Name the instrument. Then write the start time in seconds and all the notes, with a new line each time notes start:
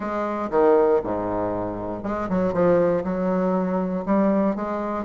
bassoon
0.00 G#3
0.50 D#3
1.03 G#2
2.03 G#3
2.29 F#3
2.53 F3
3.04 F#3
4.05 G3
4.55 G#3